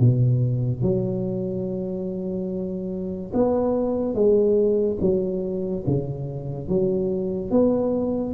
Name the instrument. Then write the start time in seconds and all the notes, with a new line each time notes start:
tuba
0.00 B2
0.82 F#3
3.34 B3
4.15 G#3
5.01 F#3
5.87 C#3
6.69 F#3
7.51 B3